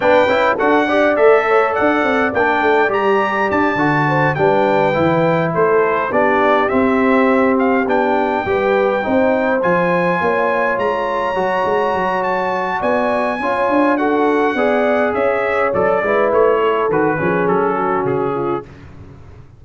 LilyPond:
<<
  \new Staff \with { instrumentName = "trumpet" } { \time 4/4 \tempo 4 = 103 g''4 fis''4 e''4 fis''4 | g''4 ais''4 a''4. g''8~ | g''4. c''4 d''4 e''8~ | e''4 f''8 g''2~ g''8~ |
g''8 gis''2 ais''4.~ | ais''4 a''4 gis''2 | fis''2 e''4 d''4 | cis''4 b'4 a'4 gis'4 | }
  \new Staff \with { instrumentName = "horn" } { \time 4/4 b'4 a'8 d''4 cis''8 d''4~ | d''2. c''8 b'8~ | b'4. a'4 g'4.~ | g'2~ g'8 b'4 c''8~ |
c''4. cis''2~ cis''8~ | cis''2 d''4 cis''4 | a'4 d''4 cis''4. b'8~ | b'8 a'4 gis'4 fis'4 f'8 | }
  \new Staff \with { instrumentName = "trombone" } { \time 4/4 d'8 e'8 fis'8 g'8 a'2 | d'4 g'4. fis'4 d'8~ | d'8 e'2 d'4 c'8~ | c'4. d'4 g'4 dis'8~ |
dis'8 f'2. fis'8~ | fis'2. f'4 | fis'4 gis'2 a'8 e'8~ | e'4 fis'8 cis'2~ cis'8 | }
  \new Staff \with { instrumentName = "tuba" } { \time 4/4 b8 cis'8 d'4 a4 d'8 c'8 | ais8 a8 g4 d'8 d4 g8~ | g8 e4 a4 b4 c'8~ | c'4. b4 g4 c'8~ |
c'8 f4 ais4 gis4 fis8 | gis8 fis4. b4 cis'8 d'8~ | d'4 b4 cis'4 fis8 gis8 | a4 dis8 f8 fis4 cis4 | }
>>